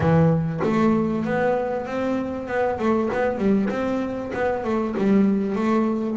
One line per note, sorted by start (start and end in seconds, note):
0.00 0.60 E3
0.63 1.24 A3
1.24 1.86 B3
1.86 2.47 C4
2.47 2.78 B3
2.78 3.09 A3
3.13 3.38 B3
3.38 3.69 G3
3.69 4.31 C4
4.33 4.64 B3
4.64 4.95 A3
4.97 5.55 G3
5.55 6.17 A3